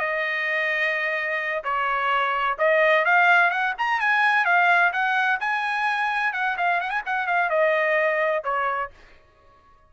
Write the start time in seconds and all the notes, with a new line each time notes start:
0.00 D#5
1.64 C#5
2.59 D#5
3.05 F5
3.51 F#5
3.79 A#5
4.01 G#5
4.46 F5
4.93 F#5
5.41 G#5
6.34 F#5
6.58 F5
6.81 F#5
6.91 G#5
7.06 F#5
7.27 F5
7.50 D#5
8.44 C#5